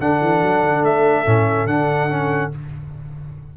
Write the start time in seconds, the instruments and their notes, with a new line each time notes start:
0.00 tuba D3, trombone D4, horn A4, trumpet F#5
0.21 tuba E3
0.43 tuba F#3
0.63 tuba D3
0.84 tuba A3, trumpet E5
1.26 tuba A2, trombone C#4
1.67 tuba D3, trombone D4, trumpet F#5
2.10 trombone C#4